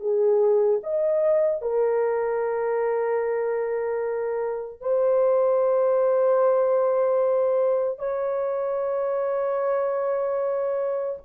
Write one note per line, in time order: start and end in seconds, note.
0.00 0.80 G#4
0.83 1.61 D#5
1.61 4.80 A#4
4.80 7.99 C5
7.99 11.19 C#5